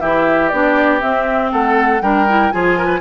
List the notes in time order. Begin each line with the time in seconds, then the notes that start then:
0.00 E3 E4 G4 E5
0.49 B3 D4 D5
1.00 C4 E5
1.52 A3 A4 F#5
2.01 G3 D4 A#4 G5
2.28 E4
2.51 F3 F4 G#4 G#5
2.78 A#4
2.85 B4